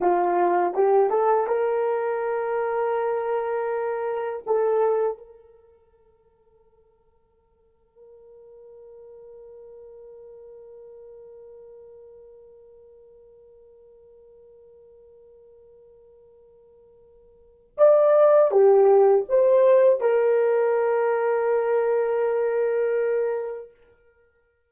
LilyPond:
\new Staff \with { instrumentName = "horn" } { \time 4/4 \tempo 4 = 81 f'4 g'8 a'8 ais'2~ | ais'2 a'4 ais'4~ | ais'1~ | ais'1~ |
ais'1~ | ais'1 | d''4 g'4 c''4 ais'4~ | ais'1 | }